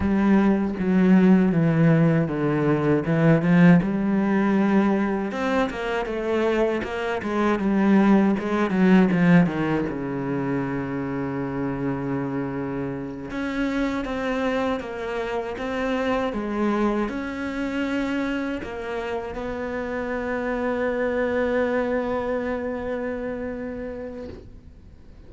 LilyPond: \new Staff \with { instrumentName = "cello" } { \time 4/4 \tempo 4 = 79 g4 fis4 e4 d4 | e8 f8 g2 c'8 ais8 | a4 ais8 gis8 g4 gis8 fis8 | f8 dis8 cis2.~ |
cis4. cis'4 c'4 ais8~ | ais8 c'4 gis4 cis'4.~ | cis'8 ais4 b2~ b8~ | b1 | }